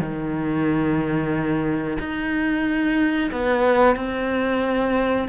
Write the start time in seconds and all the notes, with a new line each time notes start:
0.00 D#3
1.99 D#4
3.31 B3
3.96 C4